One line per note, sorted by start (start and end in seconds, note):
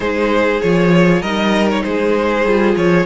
0.00 0.59 G#3
0.00 0.61 D#4
0.00 1.21 G#4
0.00 0.61 C5
0.61 1.21 F3
0.61 1.24 F4
0.61 1.21 C#5
1.21 1.82 G3
1.21 2.46 D#4
1.21 1.82 A#4
1.21 1.67 D#5
1.70 1.83 C#5
1.83 2.44 G#3
1.83 3.05 G#4
1.83 2.74 C5
2.44 2.75 G3
2.44 3.05 F4
2.76 3.05 F3
2.76 3.05 C#5